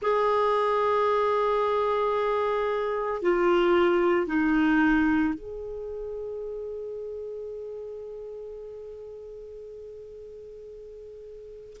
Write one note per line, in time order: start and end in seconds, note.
0.02 3.21 G#4
3.21 4.27 F4
4.27 5.34 D#4
5.34 11.77 G#4